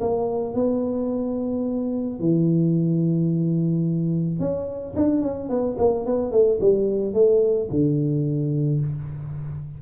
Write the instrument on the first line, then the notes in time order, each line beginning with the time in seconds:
tuba
0.00 A#3
0.54 B3
2.19 E3
4.39 C#4
4.96 D4
5.21 C#4
5.49 B3
5.77 A#3
6.05 B3
6.31 A3
6.60 G3
7.13 A3
7.70 D3